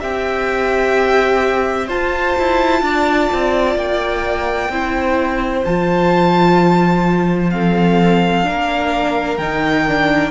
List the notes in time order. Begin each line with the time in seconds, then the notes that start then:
0.00 C4 G4 E5 G5
1.87 F4 C5 A5
2.39 E4
2.82 D4 D5
3.33 C4
3.76 A#3 G5
4.70 C4 E4 C5
5.64 F3 F4 A5
7.51 C4 A4 F5
8.44 A#3 D4 A#4
9.38 D#3 D#4 G5
9.88 D4